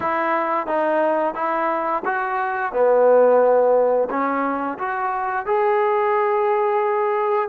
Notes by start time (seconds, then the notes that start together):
0.00 E4
0.67 D#4
1.34 E4
2.05 F#4
2.72 B3
4.09 C#4
4.78 F#4
5.45 G#4